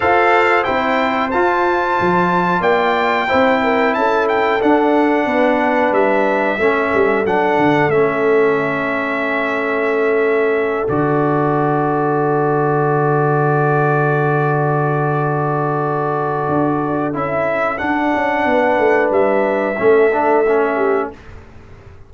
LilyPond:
<<
  \new Staff \with { instrumentName = "trumpet" } { \time 4/4 \tempo 4 = 91 f''4 g''4 a''2 | g''2 a''8 g''8 fis''4~ | fis''4 e''2 fis''4 | e''1~ |
e''8 d''2.~ d''8~ | d''1~ | d''2 e''4 fis''4~ | fis''4 e''2. | }
  \new Staff \with { instrumentName = "horn" } { \time 4/4 c''1 | d''4 c''8 ais'8 a'2 | b'2 a'2~ | a'1~ |
a'1~ | a'1~ | a'1 | b'2 a'4. g'8 | }
  \new Staff \with { instrumentName = "trombone" } { \time 4/4 a'4 e'4 f'2~ | f'4 e'2 d'4~ | d'2 cis'4 d'4 | cis'1~ |
cis'8 fis'2.~ fis'8~ | fis'1~ | fis'2 e'4 d'4~ | d'2 cis'8 d'8 cis'4 | }
  \new Staff \with { instrumentName = "tuba" } { \time 4/4 f'4 c'4 f'4 f4 | ais4 c'4 cis'4 d'4 | b4 g4 a8 g8 fis8 d8 | a1~ |
a8 d2.~ d8~ | d1~ | d4 d'4 cis'4 d'8 cis'8 | b8 a8 g4 a2 | }
>>